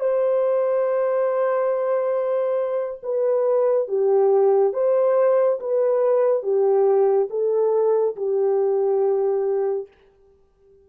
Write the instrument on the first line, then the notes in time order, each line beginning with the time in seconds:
horn
0.00 C5
3.03 B4
3.88 G4
4.73 C5
5.60 B4
6.42 G4
7.30 A4
8.16 G4